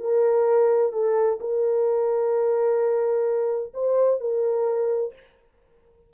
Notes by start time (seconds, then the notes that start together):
0.00 A#4
0.93 A4
1.41 A#4
3.74 C5
4.21 A#4